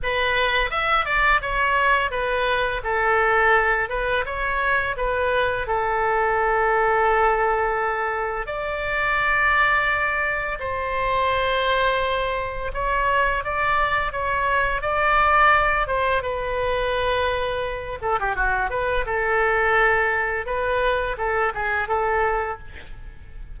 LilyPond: \new Staff \with { instrumentName = "oboe" } { \time 4/4 \tempo 4 = 85 b'4 e''8 d''8 cis''4 b'4 | a'4. b'8 cis''4 b'4 | a'1 | d''2. c''4~ |
c''2 cis''4 d''4 | cis''4 d''4. c''8 b'4~ | b'4. a'16 g'16 fis'8 b'8 a'4~ | a'4 b'4 a'8 gis'8 a'4 | }